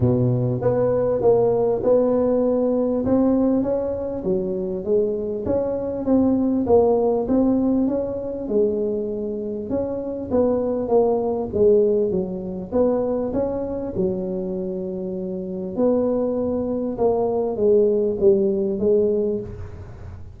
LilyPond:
\new Staff \with { instrumentName = "tuba" } { \time 4/4 \tempo 4 = 99 b,4 b4 ais4 b4~ | b4 c'4 cis'4 fis4 | gis4 cis'4 c'4 ais4 | c'4 cis'4 gis2 |
cis'4 b4 ais4 gis4 | fis4 b4 cis'4 fis4~ | fis2 b2 | ais4 gis4 g4 gis4 | }